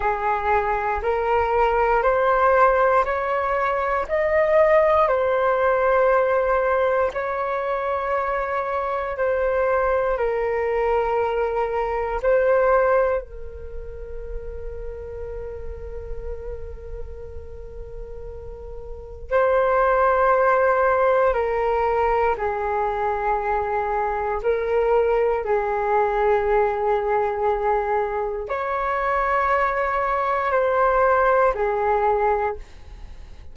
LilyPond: \new Staff \with { instrumentName = "flute" } { \time 4/4 \tempo 4 = 59 gis'4 ais'4 c''4 cis''4 | dis''4 c''2 cis''4~ | cis''4 c''4 ais'2 | c''4 ais'2.~ |
ais'2. c''4~ | c''4 ais'4 gis'2 | ais'4 gis'2. | cis''2 c''4 gis'4 | }